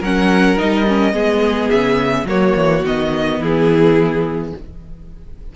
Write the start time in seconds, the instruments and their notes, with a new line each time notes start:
0.00 cello F#3, viola C#4, violin A#4 F#5
0.57 cello G3, viola D#4, violin D#5
0.88 viola C#4
1.13 cello G#3, viola B3, violin G#4
1.70 cello C#3, violin E5
2.25 cello F#3, viola A#3, violin F#4 C#5
2.56 cello E3
2.84 cello D#3, viola B3, violin D#5
3.40 cello E3, violin E4 G#4